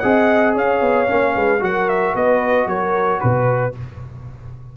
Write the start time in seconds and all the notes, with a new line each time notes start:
0.00 C4 G#4 D#5 F#5
0.55 C#4 C#5 F5
0.81 B3
1.08 A#3 C#4
1.35 G#3 B4
1.60 F#3 F#4 A#4 F#5
1.89 E5
2.15 B3 B4 D#5
2.67 F#3 A#4 C#5
3.21 B2 B4